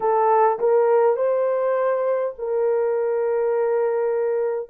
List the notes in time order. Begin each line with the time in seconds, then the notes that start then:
0.00 A4
0.59 A#4
1.16 C5
2.38 A#4